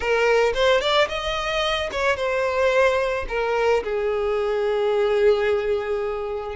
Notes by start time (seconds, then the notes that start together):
0.00 A#4
0.54 C5
0.81 D5
1.08 D#5
1.91 C#5
2.16 C5
3.28 A#4
3.83 G#4